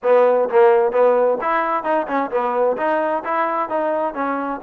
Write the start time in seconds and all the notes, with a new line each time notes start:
0.03 B3
0.49 A#3
0.91 B3
1.41 E4
1.83 D#4
2.07 C#4
2.30 B3
2.77 D#4
3.24 E4
3.69 D#4
4.14 C#4